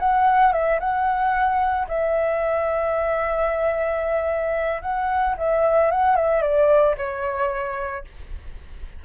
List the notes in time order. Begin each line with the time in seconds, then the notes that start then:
0.00 F#5
0.53 E5
0.80 F#5
1.88 E5
4.82 F#5
5.38 E5
5.91 F#5
6.16 E5
6.42 D5
6.98 C#5